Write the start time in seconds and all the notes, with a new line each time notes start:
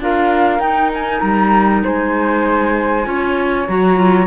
0.00 D4 F4 A#4 F5
0.59 D#4 G5
0.94 G#5
1.20 G3 A#5
1.84 G#3 C5 G#5
3.05 C#4 F4 C#5
3.68 F#3 F#4 A#5
3.96 F4